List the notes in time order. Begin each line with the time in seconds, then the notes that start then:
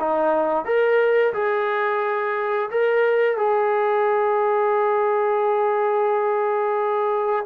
0.00 D#4
0.65 A#4
1.34 G#4
2.71 A#4
3.37 G#4